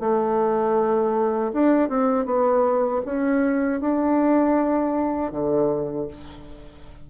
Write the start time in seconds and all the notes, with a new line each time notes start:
0.00 A3
1.53 D4
1.89 C4
2.25 B3
3.06 C#4
3.80 D4
5.32 D3